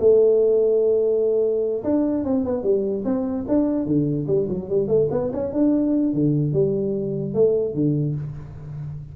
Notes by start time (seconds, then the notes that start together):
0.00 A3
1.84 D4
2.24 C4
2.45 B3
2.64 G3
3.05 C4
3.48 D4
3.86 D3
4.28 G3
4.49 F#3
4.69 G3
4.88 A3
5.11 B3
5.33 C#4
5.53 D4
6.14 D3
6.53 G3
7.35 A3
7.74 D3